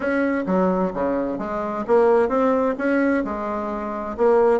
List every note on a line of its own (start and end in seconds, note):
0.00 0.44 C#4
0.46 0.92 F#3
0.93 1.38 C#3
1.38 1.84 G#3
1.87 2.28 A#3
2.28 2.74 C4
2.77 3.23 C#4
3.24 4.16 G#3
4.17 4.60 A#3